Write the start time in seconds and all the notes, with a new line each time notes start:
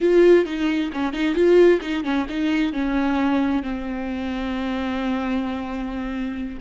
0.01 F4
0.45 D#4
0.92 C#4
1.13 D#4
1.34 F4
1.81 D#4
2.04 C#4
2.29 D#4
2.73 C#4
3.62 C4